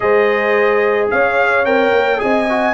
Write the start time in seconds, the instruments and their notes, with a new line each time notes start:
0.00 tuba G#3, trombone G#4, horn C5, trumpet D#5
1.10 tuba C#4, horn C#5, trumpet F5
1.65 tuba C4, trombone A#4, trumpet G5
1.92 tuba A#3
2.17 tuba C4, trombone G#4, horn D#5, trumpet G#5
2.49 trombone F#4